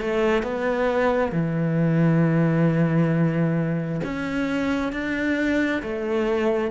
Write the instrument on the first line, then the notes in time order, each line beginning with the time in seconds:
cello
0.00 A3
0.42 B3
1.31 E3
4.04 C#4
4.92 D4
5.82 A3